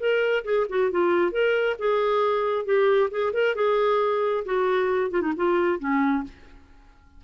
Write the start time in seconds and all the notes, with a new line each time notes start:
0.00 A#4
0.45 G#4
0.70 F#4
0.92 F4
1.32 A#4
1.79 G#4
2.65 G4
3.11 G#4
3.34 A#4
3.56 G#4
4.45 F#4
5.11 F4
5.22 D#4
5.37 F4
5.79 C#4